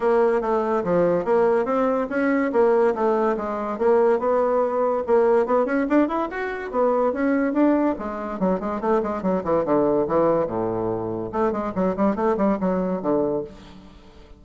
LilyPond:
\new Staff \with { instrumentName = "bassoon" } { \time 4/4 \tempo 4 = 143 ais4 a4 f4 ais4 | c'4 cis'4 ais4 a4 | gis4 ais4 b2 | ais4 b8 cis'8 d'8 e'8 fis'4 |
b4 cis'4 d'4 gis4 | fis8 gis8 a8 gis8 fis8 e8 d4 | e4 a,2 a8 gis8 | fis8 g8 a8 g8 fis4 d4 | }